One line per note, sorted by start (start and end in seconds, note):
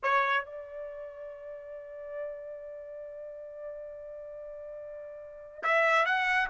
0.03 0.45 C#5
0.45 5.63 D5
5.63 6.05 E5
6.05 6.48 F#5